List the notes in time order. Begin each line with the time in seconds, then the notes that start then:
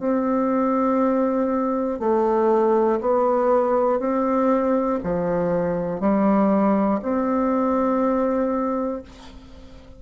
0.00 C4
2.00 A3
3.01 B3
4.00 C4
5.04 F3
6.01 G3
7.02 C4